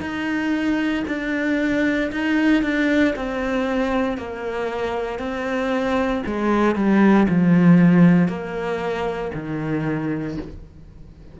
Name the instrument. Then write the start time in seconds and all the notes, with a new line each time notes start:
cello
0.00 D#4
1.07 D4
2.11 D#4
2.62 D4
3.16 C4
4.17 A#3
5.19 C4
6.26 G#3
6.75 G3
7.28 F3
8.28 A#3
9.34 D#3